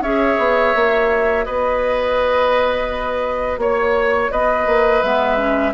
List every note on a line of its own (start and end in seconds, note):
0.00 0.36 C#4
0.00 0.75 G#4
0.00 1.45 C#5
0.00 1.44 E5
0.38 0.74 B3
0.75 1.46 A#3
0.75 5.03 F#4
1.44 3.57 B3
1.44 3.60 B4
1.44 3.59 D#5
3.57 4.29 A#3
3.57 4.31 C#5
4.31 4.66 B3
4.31 5.73 B4
4.31 5.02 D#5
4.66 5.02 A#3
5.02 5.73 G#3
5.02 5.37 B3
5.02 5.73 E5
5.37 5.72 C#4